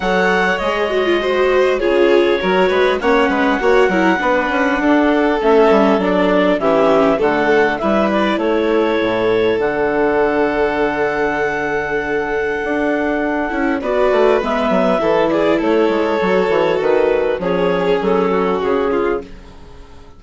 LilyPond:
<<
  \new Staff \with { instrumentName = "clarinet" } { \time 4/4 \tempo 4 = 100 fis''4 dis''2 cis''4~ | cis''4 fis''2.~ | fis''4 e''4 d''4 e''4 | fis''4 e''8 d''8 cis''2 |
fis''1~ | fis''2. d''4 | e''4. d''8 cis''2 | b'4 cis''4 a'4 gis'4 | }
  \new Staff \with { instrumentName = "violin" } { \time 4/4 cis''2 c''4 gis'4 | ais'8 b'8 cis''8 b'8 cis''8 ais'8 b'4 | a'2. g'4 | a'4 b'4 a'2~ |
a'1~ | a'2. b'4~ | b'4 a'8 gis'8 a'2~ | a'4 gis'4. fis'4 f'8 | }
  \new Staff \with { instrumentName = "viola" } { \time 4/4 a'4 gis'8 fis'16 f'16 fis'4 f'4 | fis'4 cis'4 fis'8 e'8 d'4~ | d'4 cis'4 d'4 cis'4 | a4 e'2. |
d'1~ | d'2~ d'8 e'8 fis'4 | b4 e'2 fis'4~ | fis'4 cis'2. | }
  \new Staff \with { instrumentName = "bassoon" } { \time 4/4 fis4 gis2 cis4 | fis8 gis8 ais8 gis8 ais8 fis8 b8 cis'8 | d'4 a8 g8 fis4 e4 | d4 g4 a4 a,4 |
d1~ | d4 d'4. cis'8 b8 a8 | gis8 fis8 e4 a8 gis8 fis8 e8 | dis4 f4 fis4 cis4 | }
>>